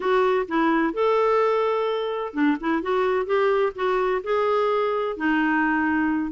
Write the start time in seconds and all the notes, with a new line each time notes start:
0.00 F#4
0.48 E4
0.93 A4
2.33 D4
2.60 E4
2.82 F#4
3.26 G4
3.75 F#4
4.23 G#4
5.16 D#4